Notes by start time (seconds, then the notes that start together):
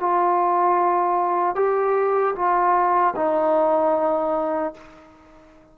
0.00 F4
1.55 G4
2.35 F4
3.16 D#4